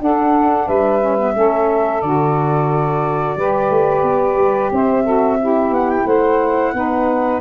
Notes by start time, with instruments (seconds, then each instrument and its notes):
0.00 saxophone D4 A4, tuba D4, flute F#5
0.67 tuba G3, saxophone B4, flute E5
1.01 saxophone C#4
1.18 saxophone B3
1.34 tuba A3, saxophone C#4 A4
2.02 tuba D3, saxophone F#4, flute D5
3.37 tuba G3, saxophone G4 B4
3.70 tuba A3
4.03 tuba B3
4.36 tuba G3
4.72 tuba C4, saxophone C5, flute E5
5.04 saxophone F#4 A4
5.40 saxophone E4 G4
5.71 tuba B3, flute F#5
5.91 flute G5
6.06 tuba A3, saxophone C5, flute F#5
6.74 tuba B3, saxophone D#4 B4